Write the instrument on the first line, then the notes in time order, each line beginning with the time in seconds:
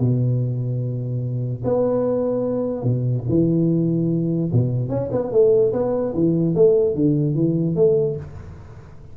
tuba
0.00 B2
1.65 B3
2.83 B2
3.29 E3
4.53 B2
4.89 C#4
5.12 B3
5.32 A3
5.73 B3
6.15 E3
6.55 A3
6.95 D3
7.35 E3
7.76 A3